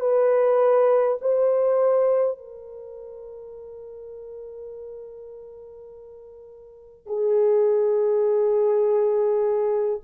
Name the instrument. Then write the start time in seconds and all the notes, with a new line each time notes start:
horn
0.00 B4
1.21 C5
2.38 A#4
7.06 G#4